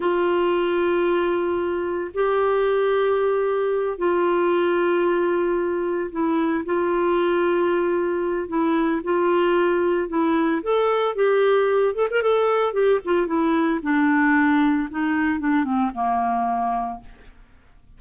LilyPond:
\new Staff \with { instrumentName = "clarinet" } { \time 4/4 \tempo 4 = 113 f'1 | g'2.~ g'8 f'8~ | f'2.~ f'8 e'8~ | e'8 f'2.~ f'8 |
e'4 f'2 e'4 | a'4 g'4. a'16 ais'16 a'4 | g'8 f'8 e'4 d'2 | dis'4 d'8 c'8 ais2 | }